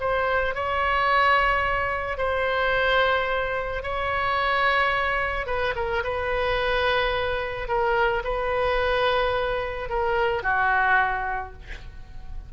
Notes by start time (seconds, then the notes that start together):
0.00 C5
0.55 C#5
2.18 C5
3.83 C#5
5.47 B4
5.76 A#4
6.04 B4
7.68 A#4
8.24 B4
9.89 A#4
10.43 F#4